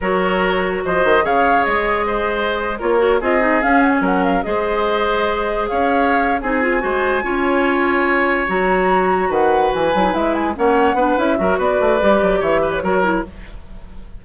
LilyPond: <<
  \new Staff \with { instrumentName = "flute" } { \time 4/4 \tempo 4 = 145 cis''2 dis''4 f''4 | dis''2~ dis''8. cis''4 dis''16~ | dis''8. f''8 fis''16 gis''16 fis''8 f''8 dis''4~ dis''16~ | dis''4.~ dis''16 f''4.~ f''16 gis''8~ |
gis''1~ | gis''8 ais''2 fis''4 gis''8~ | gis''8 e''8 gis''8 fis''4. e''4 | d''2 e''8. cis''4~ cis''16 | }
  \new Staff \with { instrumentName = "oboe" } { \time 4/4 ais'2 c''4 cis''4~ | cis''4 c''4.~ c''16 ais'4 gis'16~ | gis'4.~ gis'16 ais'4 c''4~ c''16~ | c''4.~ c''16 cis''4.~ cis''16 gis'8~ |
gis'8 c''4 cis''2~ cis''8~ | cis''2~ cis''8 b'4.~ | b'4. cis''4 b'4 ais'8 | b'2 cis''8 b'8 ais'4 | }
  \new Staff \with { instrumentName = "clarinet" } { \time 4/4 fis'2. gis'4~ | gis'2~ gis'8. f'8 fis'8 f'16~ | f'16 dis'8 cis'2 gis'4~ gis'16~ | gis'2.~ gis'8 dis'8 |
f'8 fis'4 f'2~ f'8~ | f'8 fis'2.~ fis'8 | e'16 dis'16 e'4 cis'4 d'8 e'8 fis'8~ | fis'4 g'2 fis'8 e'8 | }
  \new Staff \with { instrumentName = "bassoon" } { \time 4/4 fis2 f8 dis8 cis4 | gis2~ gis8. ais4 c'16~ | c'8. cis'4 fis4 gis4~ gis16~ | gis4.~ gis16 cis'4.~ cis'16 c'8~ |
c'8 gis4 cis'2~ cis'8~ | cis'8 fis2 dis4 e8 | fis8 gis4 ais4 b8 cis'8 fis8 | b8 a8 g8 fis8 e4 fis4 | }
>>